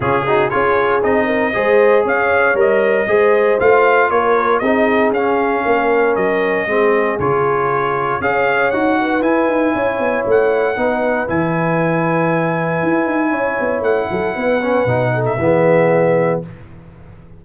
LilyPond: <<
  \new Staff \with { instrumentName = "trumpet" } { \time 4/4 \tempo 4 = 117 gis'4 cis''4 dis''2 | f''4 dis''2 f''4 | cis''4 dis''4 f''2 | dis''2 cis''2 |
f''4 fis''4 gis''2 | fis''2 gis''2~ | gis''2. fis''4~ | fis''4.~ fis''16 e''2~ e''16 | }
  \new Staff \with { instrumentName = "horn" } { \time 4/4 f'8 fis'8 gis'4. ais'8 c''4 | cis''2 c''2 | ais'4 gis'2 ais'4~ | ais'4 gis'2. |
cis''4. b'4. cis''4~ | cis''4 b'2.~ | b'2 cis''4. a'8 | b'4. a'8 gis'2 | }
  \new Staff \with { instrumentName = "trombone" } { \time 4/4 cis'8 dis'8 f'4 dis'4 gis'4~ | gis'4 ais'4 gis'4 f'4~ | f'4 dis'4 cis'2~ | cis'4 c'4 f'2 |
gis'4 fis'4 e'2~ | e'4 dis'4 e'2~ | e'1~ | e'8 cis'8 dis'4 b2 | }
  \new Staff \with { instrumentName = "tuba" } { \time 4/4 cis4 cis'4 c'4 gis4 | cis'4 g4 gis4 a4 | ais4 c'4 cis'4 ais4 | fis4 gis4 cis2 |
cis'4 dis'4 e'8 dis'8 cis'8 b8 | a4 b4 e2~ | e4 e'8 dis'8 cis'8 b8 a8 fis8 | b4 b,4 e2 | }
>>